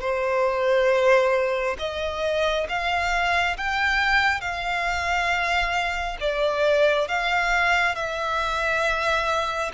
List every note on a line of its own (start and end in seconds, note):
0.00 1.76 C5
1.78 2.67 D#5
2.68 3.57 F5
3.57 4.40 G5
4.40 6.17 F5
6.20 7.07 D5
7.07 7.95 F5
7.95 9.71 E5